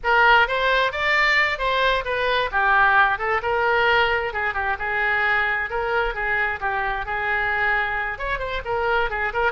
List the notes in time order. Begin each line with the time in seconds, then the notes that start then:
0.03 A#4
0.47 C5
0.92 D5
1.58 C5
2.04 B4
2.51 G4
3.18 A4
3.42 A#4
4.33 G#4
4.54 G4
4.79 G#4
5.70 A#4
6.14 G#4
6.60 G4
7.05 G#4
8.18 C#5
8.38 C5
8.64 A#4
9.10 G#4
9.33 A#4